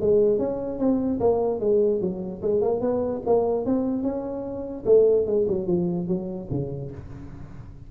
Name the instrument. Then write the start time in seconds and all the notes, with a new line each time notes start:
tuba
0.00 G#3
0.38 C#4
0.78 C4
1.20 A#3
1.60 G#3
2.00 F#3
2.42 G#3
2.61 A#3
2.80 B3
3.26 A#3
3.65 C4
4.02 C#4
4.85 A3
5.26 G#3
5.48 F#3
5.67 F3
6.07 F#3
6.50 C#3